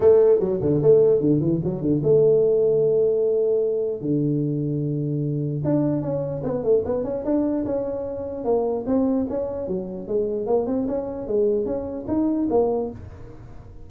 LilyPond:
\new Staff \with { instrumentName = "tuba" } { \time 4/4 \tempo 4 = 149 a4 fis8 d8 a4 d8 e8 | fis8 d8 a2.~ | a2 d2~ | d2 d'4 cis'4 |
b8 a8 b8 cis'8 d'4 cis'4~ | cis'4 ais4 c'4 cis'4 | fis4 gis4 ais8 c'8 cis'4 | gis4 cis'4 dis'4 ais4 | }